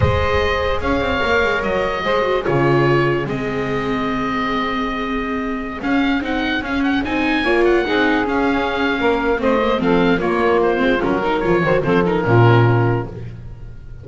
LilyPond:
<<
  \new Staff \with { instrumentName = "oboe" } { \time 4/4 \tempo 4 = 147 dis''2 f''2 | dis''2 cis''2 | dis''1~ | dis''2~ dis''16 f''4 fis''8.~ |
fis''16 f''8 fis''8 gis''4. fis''4~ fis''16~ | fis''16 f''2~ f''8. dis''4 | f''4 cis''4 c''4 ais'4 | cis''4 c''8 ais'2~ ais'8 | }
  \new Staff \with { instrumentName = "saxophone" } { \time 4/4 c''2 cis''2~ | cis''4 c''4 gis'2~ | gis'1~ | gis'1~ |
gis'2~ gis'16 cis''4 gis'8.~ | gis'2 ais'4 c''4 | a'4 f'2~ f'8 ais'8~ | ais'8 c''8 a'4 f'2 | }
  \new Staff \with { instrumentName = "viola" } { \time 4/4 gis'2. ais'4~ | ais'4 gis'8 fis'8 f'2 | c'1~ | c'2~ c'16 cis'4 dis'8.~ |
dis'16 cis'4 dis'4 f'4 dis'8.~ | dis'16 cis'2~ cis'8. c'8 ais8 | c'4 ais4. c'8 cis'8 dis'8 | f'8 fis'8 c'8 dis'8 cis'2 | }
  \new Staff \with { instrumentName = "double bass" } { \time 4/4 gis2 cis'8 c'8 ais8 gis8 | fis4 gis4 cis2 | gis1~ | gis2~ gis16 cis'4 c'8.~ |
c'16 cis'4 c'4 ais4 c'8.~ | c'16 cis'4.~ cis'16 ais4 a4 | f4 ais4. gis8 fis4 | f8 dis8 f4 ais,2 | }
>>